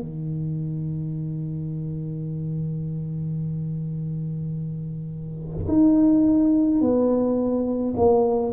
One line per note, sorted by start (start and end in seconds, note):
0.00 5.66 D#3
5.68 6.81 D#4
6.81 7.94 B3
7.97 8.53 A#3